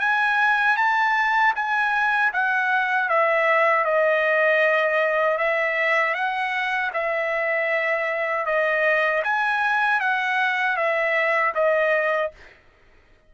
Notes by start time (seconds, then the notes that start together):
0.00 G#5
0.77 A5
1.56 G#5
2.33 F#5
3.09 E5
3.85 D#5
5.38 E5
6.14 F#5
6.93 E5
8.46 D#5
9.24 G#5
10.00 F#5
10.77 E5
11.55 D#5